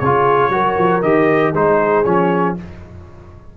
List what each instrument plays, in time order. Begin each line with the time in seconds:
0.00 tuba C#3, trombone F4, horn G#4, trumpet C#5
0.50 tuba F#3, trombone F#4, horn A#4
0.79 tuba F3
1.03 tuba D#3, trombone G4, trumpet D#5
1.54 tuba G#3, trombone D#4, horn G#4, trumpet C5
2.05 tuba F3, trombone C#4, trumpet C#5